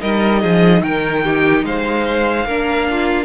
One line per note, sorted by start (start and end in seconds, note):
0.00 0.43 G3
0.00 2.47 D#4
0.00 0.41 A#4
0.00 0.83 D#5
0.41 0.81 F3
0.41 0.82 G#4
0.81 1.63 D#3
0.81 1.24 A#4
0.81 1.65 G5
1.24 1.65 G4
1.63 2.45 G#3
1.63 2.46 C5
1.63 3.24 F5
2.45 3.24 A#3
2.45 3.24 D4
2.45 2.87 A#4
2.90 3.24 F4